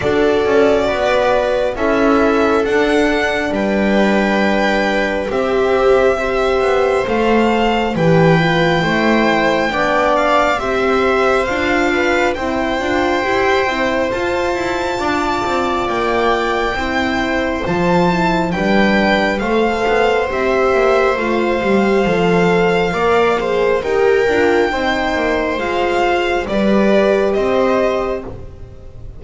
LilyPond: <<
  \new Staff \with { instrumentName = "violin" } { \time 4/4 \tempo 4 = 68 d''2 e''4 fis''4 | g''2 e''2 | f''4 g''2~ g''8 f''8 | e''4 f''4 g''2 |
a''2 g''2 | a''4 g''4 f''4 e''4 | f''2. g''4~ | g''4 f''4 d''4 dis''4 | }
  \new Staff \with { instrumentName = "viola" } { \time 4/4 a'4 b'4 a'2 | b'2 g'4 c''4~ | c''4 b'4 c''4 d''4 | c''4. b'8 c''2~ |
c''4 d''2 c''4~ | c''4 b'4 c''2~ | c''2 d''8 c''8 ais'4 | c''2 b'4 c''4 | }
  \new Staff \with { instrumentName = "horn" } { \time 4/4 fis'2 e'4 d'4~ | d'2 c'4 g'4 | a'4 g'8 f'8 e'4 d'4 | g'4 f'4 e'8 f'8 g'8 e'8 |
f'2. e'4 | f'8 e'8 d'4 a'4 g'4 | f'8 g'8 a'4 ais'8 gis'8 g'8 f'8 | dis'4 f'4 g'2 | }
  \new Staff \with { instrumentName = "double bass" } { \time 4/4 d'8 cis'8 b4 cis'4 d'4 | g2 c'4. b8 | a4 e4 a4 b4 | c'4 d'4 c'8 d'8 e'8 c'8 |
f'8 e'8 d'8 c'8 ais4 c'4 | f4 g4 a8 b8 c'8 ais8 | a8 g8 f4 ais4 dis'8 d'8 | c'8 ais8 gis4 g4 c'4 | }
>>